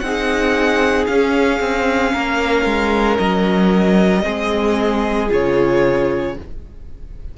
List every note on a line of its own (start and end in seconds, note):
0.00 1.07 C4
0.00 1.09 D#4
0.00 2.13 G#4
0.00 1.05 F#5
1.07 1.60 C#4
1.07 4.23 C#4
1.07 3.17 F5
1.60 2.13 C4
2.13 2.66 A#3
2.13 4.23 A#4
2.66 3.18 G#3
3.19 4.25 F#3
3.19 5.29 D#5
4.23 5.31 G#3
4.23 5.29 C4
4.23 6.34 G#4
5.29 6.37 C#3
5.29 6.34 F4
5.29 6.38 C#5